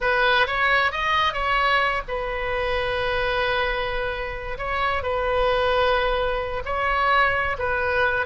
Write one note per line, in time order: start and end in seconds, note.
0.00 0.46 B4
0.47 0.91 C#5
0.91 1.33 D#5
1.33 2.02 C#5
2.07 4.57 B4
4.57 5.02 C#5
5.02 6.63 B4
6.65 7.56 C#5
7.58 8.25 B4